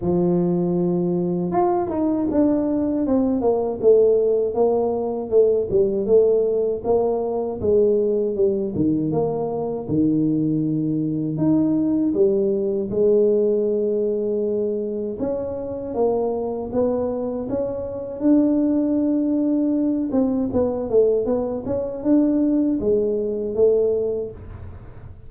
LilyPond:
\new Staff \with { instrumentName = "tuba" } { \time 4/4 \tempo 4 = 79 f2 f'8 dis'8 d'4 | c'8 ais8 a4 ais4 a8 g8 | a4 ais4 gis4 g8 dis8 | ais4 dis2 dis'4 |
g4 gis2. | cis'4 ais4 b4 cis'4 | d'2~ d'8 c'8 b8 a8 | b8 cis'8 d'4 gis4 a4 | }